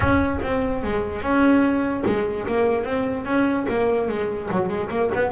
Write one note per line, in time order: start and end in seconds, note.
0.00 0.38 C#4
0.42 0.83 C4
0.83 1.22 G#3
1.22 2.03 C#4
2.06 2.46 G#3
2.47 2.84 A#3
2.84 3.25 C4
3.25 3.65 C#4
3.68 4.08 A#3
4.08 4.49 G#3
4.51 4.68 F#3
4.68 4.89 G#3
4.90 5.10 A#3
5.14 5.31 B3